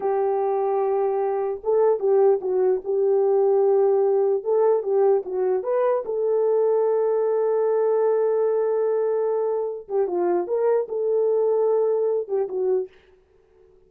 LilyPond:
\new Staff \with { instrumentName = "horn" } { \time 4/4 \tempo 4 = 149 g'1 | a'4 g'4 fis'4 g'4~ | g'2. a'4 | g'4 fis'4 b'4 a'4~ |
a'1~ | a'1~ | a'8 g'8 f'4 ais'4 a'4~ | a'2~ a'8 g'8 fis'4 | }